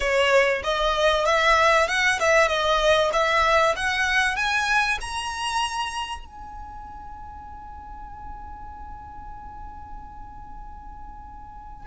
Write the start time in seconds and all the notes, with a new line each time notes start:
0.00 C#5
0.63 D#5
1.25 E5
1.88 F#5
2.19 E5
2.48 D#5
3.12 E5
3.76 F#5
4.36 G#5
5.00 A#5
6.25 G#5